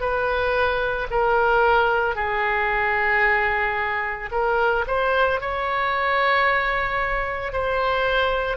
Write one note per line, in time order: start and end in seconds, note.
0.00 1.07 B4
1.11 2.16 A#4
2.16 4.30 G#4
4.31 4.85 A#4
4.87 5.41 C5
5.41 7.53 C#5
7.53 8.57 C5